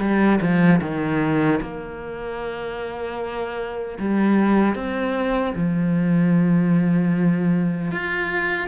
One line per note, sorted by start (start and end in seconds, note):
0.00 0.39 G3
0.42 0.81 F3
0.81 1.60 D#3
1.62 3.99 A#3
3.99 4.75 G3
4.75 5.54 C4
5.55 7.92 F3
7.92 8.68 F4